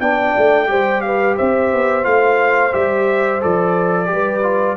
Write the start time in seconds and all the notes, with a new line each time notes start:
0.00 B3 D4 D5 G5
0.37 A3
0.67 G3 G4 C5
1.01 B4 F5
1.36 C4 C5 E5
1.72 B3
2.03 A3 F4 F5
2.72 G3 G4 E5
3.40 F3 A4 D5
4.06 G3 G4
4.12 B4
4.42 F4